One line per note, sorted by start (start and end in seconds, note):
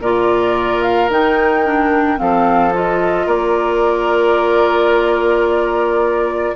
0.00 1.09 A#2
0.00 1.10 F4
0.00 2.19 A#4
0.00 0.82 D5
0.82 1.09 F5
1.09 2.18 D#3
1.09 1.65 D#4
1.09 2.19 G5
1.65 2.17 D4
2.17 3.26 F3
2.17 2.72 C4
2.17 3.26 A4
2.17 2.73 F5
2.74 6.55 F4
2.74 3.28 D#5
3.26 6.53 A#3
3.26 6.53 A#4
3.26 6.55 D5